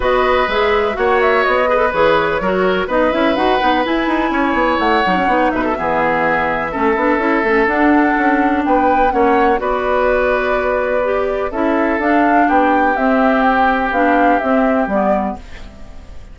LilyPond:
<<
  \new Staff \with { instrumentName = "flute" } { \time 4/4 \tempo 4 = 125 dis''4 e''4 fis''8 e''8 dis''4 | cis''2 dis''8 e''8 fis''4 | gis''2 fis''4. e''8~ | e''1 |
fis''2 g''4 fis''4 | d''1 | e''4 f''4 g''4 e''4 | g''4 f''4 e''4 d''4 | }
  \new Staff \with { instrumentName = "oboe" } { \time 4/4 b'2 cis''4. b'8~ | b'4 ais'4 b'2~ | b'4 cis''2~ cis''8 b'16 a'16 | gis'2 a'2~ |
a'2 b'4 cis''4 | b'1 | a'2 g'2~ | g'1 | }
  \new Staff \with { instrumentName = "clarinet" } { \time 4/4 fis'4 gis'4 fis'4. gis'16 a'16 | gis'4 fis'4 dis'8 e'8 fis'8 dis'8 | e'2~ e'8 dis'16 cis'16 dis'4 | b2 cis'8 d'8 e'8 cis'8 |
d'2. cis'4 | fis'2. g'4 | e'4 d'2 c'4~ | c'4 d'4 c'4 b4 | }
  \new Staff \with { instrumentName = "bassoon" } { \time 4/4 b4 gis4 ais4 b4 | e4 fis4 b8 cis'8 dis'8 b8 | e'8 dis'8 cis'8 b8 a8 fis8 b8 b,8 | e2 a8 b8 cis'8 a8 |
d'4 cis'4 b4 ais4 | b1 | cis'4 d'4 b4 c'4~ | c'4 b4 c'4 g4 | }
>>